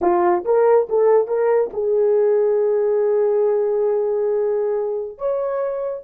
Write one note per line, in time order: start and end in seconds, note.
0.01 0.44 F4
0.44 0.88 A#4
0.89 1.27 A4
1.27 1.70 A#4
1.73 5.18 G#4
5.18 6.04 C#5